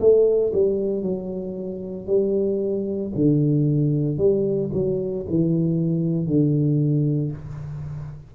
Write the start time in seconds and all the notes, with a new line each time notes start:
0.00 A3
0.54 G3
1.03 F#3
2.07 G3
3.15 D3
4.18 G3
4.73 F#3
5.29 E3
6.27 D3